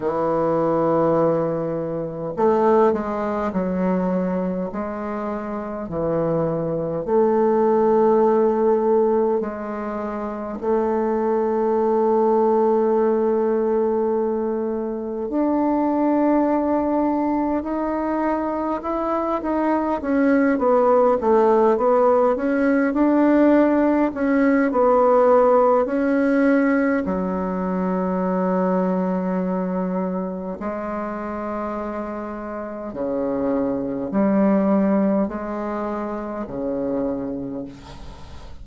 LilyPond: \new Staff \with { instrumentName = "bassoon" } { \time 4/4 \tempo 4 = 51 e2 a8 gis8 fis4 | gis4 e4 a2 | gis4 a2.~ | a4 d'2 dis'4 |
e'8 dis'8 cis'8 b8 a8 b8 cis'8 d'8~ | d'8 cis'8 b4 cis'4 fis4~ | fis2 gis2 | cis4 g4 gis4 cis4 | }